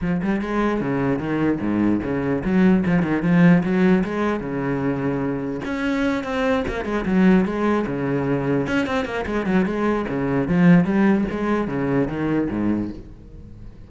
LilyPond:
\new Staff \with { instrumentName = "cello" } { \time 4/4 \tempo 4 = 149 f8 g8 gis4 cis4 dis4 | gis,4 cis4 fis4 f8 dis8 | f4 fis4 gis4 cis4~ | cis2 cis'4. c'8~ |
c'8 ais8 gis8 fis4 gis4 cis8~ | cis4. cis'8 c'8 ais8 gis8 fis8 | gis4 cis4 f4 g4 | gis4 cis4 dis4 gis,4 | }